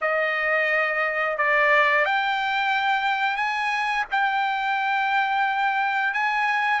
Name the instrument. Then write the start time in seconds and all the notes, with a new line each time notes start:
trumpet
0.01 D#5
1.37 D5
2.05 G5
3.36 G#5
4.11 G5
6.13 G#5